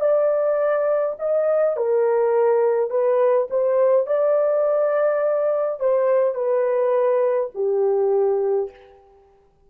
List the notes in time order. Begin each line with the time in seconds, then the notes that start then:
0.00 D5
1.19 D#5
1.76 A#4
2.90 B4
3.50 C5
4.06 D5
5.80 C5
6.35 B4
7.55 G4